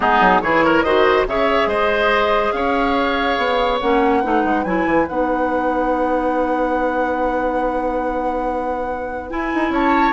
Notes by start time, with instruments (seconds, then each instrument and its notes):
0.00 bassoon G#3, clarinet B3, oboe D#4, flute G#4
0.20 bassoon F#3
0.41 bassoon E3, clarinet E4, oboe G#4, flute C#5
0.64 oboe A#4
0.82 bassoon D#3, clarinet F#4, oboe C5, flute D#5
1.26 bassoon C#3, clarinet G#4, oboe C#5, flute E5
1.65 bassoon G#3, oboe C5, flute D#5
2.52 bassoon C#4, oboe C#5, flute F5
3.37 bassoon B3
3.80 bassoon A#3, clarinet C#4, flute F#5
4.20 bassoon A3, clarinet D#4, oboe B4
4.44 bassoon G#3
4.64 bassoon F#3, clarinet E4, flute G#5
4.85 bassoon E3
5.07 bassoon B3, clarinet D#4, flute F#5
9.29 clarinet E4, bassoon E4, flute G#5
9.54 bassoon D#4
9.69 bassoon C#4, oboe C#5, flute A5